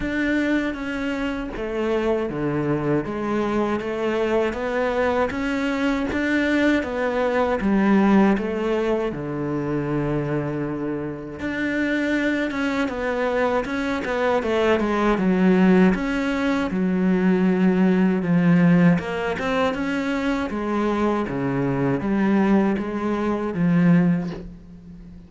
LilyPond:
\new Staff \with { instrumentName = "cello" } { \time 4/4 \tempo 4 = 79 d'4 cis'4 a4 d4 | gis4 a4 b4 cis'4 | d'4 b4 g4 a4 | d2. d'4~ |
d'8 cis'8 b4 cis'8 b8 a8 gis8 | fis4 cis'4 fis2 | f4 ais8 c'8 cis'4 gis4 | cis4 g4 gis4 f4 | }